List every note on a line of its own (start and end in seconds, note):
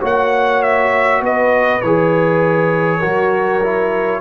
0.00 1.20 A#3
0.00 1.80 F#4
0.00 1.20 C#5
0.00 0.62 F#5
0.62 1.22 E5
1.20 1.80 B3
1.20 2.99 B4
1.20 1.81 D#5
1.81 3.02 E3
1.81 3.01 G#4
1.81 4.21 C#5
2.99 4.21 F#3
2.99 3.61 F#4
2.99 4.19 A#4
3.63 4.21 E4